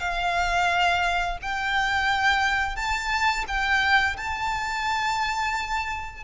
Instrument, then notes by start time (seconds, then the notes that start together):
violin
0.00 F5
1.42 G5
2.76 A5
3.47 G5
4.17 A5